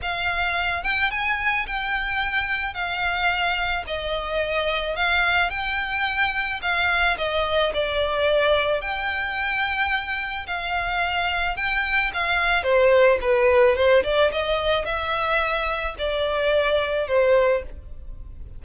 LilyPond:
\new Staff \with { instrumentName = "violin" } { \time 4/4 \tempo 4 = 109 f''4. g''8 gis''4 g''4~ | g''4 f''2 dis''4~ | dis''4 f''4 g''2 | f''4 dis''4 d''2 |
g''2. f''4~ | f''4 g''4 f''4 c''4 | b'4 c''8 d''8 dis''4 e''4~ | e''4 d''2 c''4 | }